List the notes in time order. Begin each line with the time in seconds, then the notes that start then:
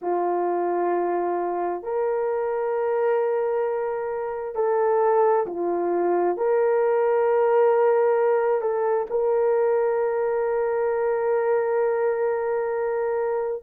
0.01 F4
1.82 A#4
4.55 A4
5.46 F4
6.37 A#4
8.61 A4
9.10 A#4